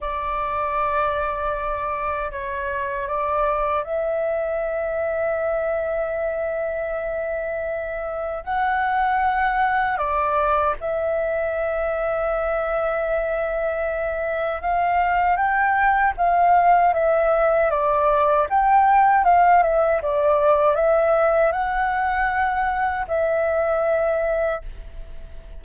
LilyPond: \new Staff \with { instrumentName = "flute" } { \time 4/4 \tempo 4 = 78 d''2. cis''4 | d''4 e''2.~ | e''2. fis''4~ | fis''4 d''4 e''2~ |
e''2. f''4 | g''4 f''4 e''4 d''4 | g''4 f''8 e''8 d''4 e''4 | fis''2 e''2 | }